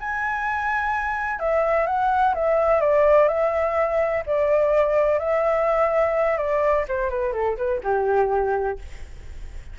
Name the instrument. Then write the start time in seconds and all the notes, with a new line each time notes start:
flute
0.00 G#5
1.40 E5
1.87 F#5
2.35 E5
2.81 D5
3.29 E5
4.26 D5
5.19 E5
6.38 D5
6.88 C5
7.10 B4
7.33 A4
7.57 B4
7.84 G4